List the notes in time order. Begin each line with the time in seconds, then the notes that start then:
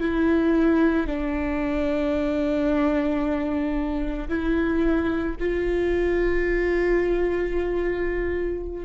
0.00 E4
1.07 D4
4.29 E4
5.39 F4